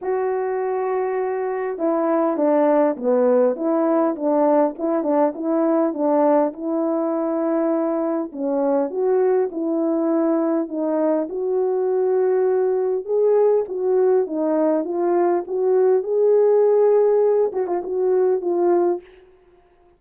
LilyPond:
\new Staff \with { instrumentName = "horn" } { \time 4/4 \tempo 4 = 101 fis'2. e'4 | d'4 b4 e'4 d'4 | e'8 d'8 e'4 d'4 e'4~ | e'2 cis'4 fis'4 |
e'2 dis'4 fis'4~ | fis'2 gis'4 fis'4 | dis'4 f'4 fis'4 gis'4~ | gis'4. fis'16 f'16 fis'4 f'4 | }